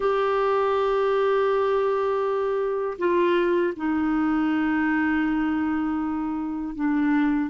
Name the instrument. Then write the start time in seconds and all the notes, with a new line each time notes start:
clarinet
0.00 G4
2.98 F4
3.76 D#4
6.75 D4